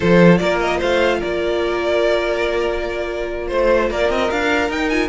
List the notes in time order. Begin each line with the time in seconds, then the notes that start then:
0.00 F3 F4 A4 C5
0.37 A#3 A#4 D5
0.60 D#5
0.78 A3 C5 F5
1.19 A#3 A#4 D5
3.47 A3 C5
3.90 A#3 A#4 D5
4.09 C4 D#5
4.30 D4 F5
4.68 D#4 G5
4.89 F4 G#5